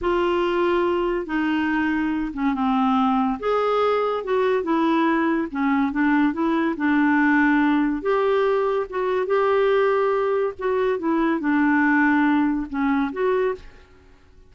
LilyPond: \new Staff \with { instrumentName = "clarinet" } { \time 4/4 \tempo 4 = 142 f'2. dis'4~ | dis'4. cis'8 c'2 | gis'2 fis'4 e'4~ | e'4 cis'4 d'4 e'4 |
d'2. g'4~ | g'4 fis'4 g'2~ | g'4 fis'4 e'4 d'4~ | d'2 cis'4 fis'4 | }